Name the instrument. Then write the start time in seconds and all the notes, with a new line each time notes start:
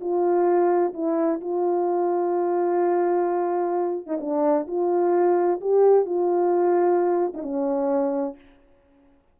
horn
0.00 F4
0.93 E4
1.40 F4
4.06 D#4
4.20 D4
4.67 F4
5.60 G4
6.05 F4
7.34 D#4
7.42 C#4